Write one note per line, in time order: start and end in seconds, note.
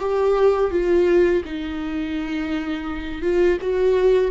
0.00 0.71 G4
0.71 1.44 F4
1.45 3.22 D#4
3.22 3.58 F4
3.61 4.31 F#4